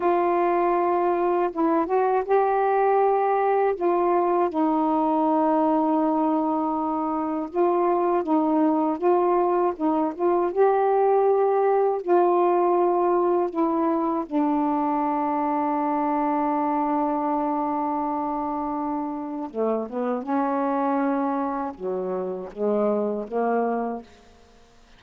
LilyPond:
\new Staff \with { instrumentName = "saxophone" } { \time 4/4 \tempo 4 = 80 f'2 e'8 fis'8 g'4~ | g'4 f'4 dis'2~ | dis'2 f'4 dis'4 | f'4 dis'8 f'8 g'2 |
f'2 e'4 d'4~ | d'1~ | d'2 a8 b8 cis'4~ | cis'4 fis4 gis4 ais4 | }